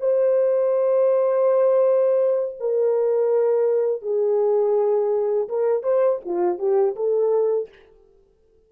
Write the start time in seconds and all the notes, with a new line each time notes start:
0.00 C5
2.60 A#4
4.02 G#4
5.48 A#4
5.83 C5
6.25 F4
6.59 G4
6.96 A4